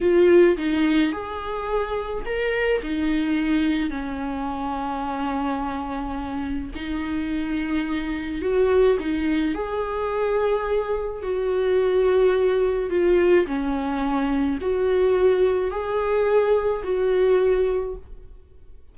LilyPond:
\new Staff \with { instrumentName = "viola" } { \time 4/4 \tempo 4 = 107 f'4 dis'4 gis'2 | ais'4 dis'2 cis'4~ | cis'1 | dis'2. fis'4 |
dis'4 gis'2. | fis'2. f'4 | cis'2 fis'2 | gis'2 fis'2 | }